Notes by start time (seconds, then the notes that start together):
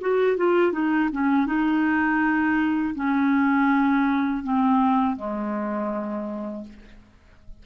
0.00 F#4
0.37 F4
0.72 D#4
1.12 C#4
1.46 D#4
2.95 C#4
4.43 C4
5.15 G#3